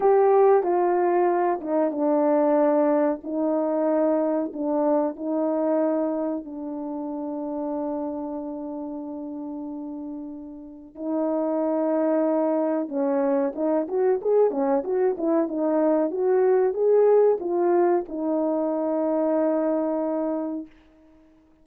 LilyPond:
\new Staff \with { instrumentName = "horn" } { \time 4/4 \tempo 4 = 93 g'4 f'4. dis'8 d'4~ | d'4 dis'2 d'4 | dis'2 d'2~ | d'1~ |
d'4 dis'2. | cis'4 dis'8 fis'8 gis'8 cis'8 fis'8 e'8 | dis'4 fis'4 gis'4 f'4 | dis'1 | }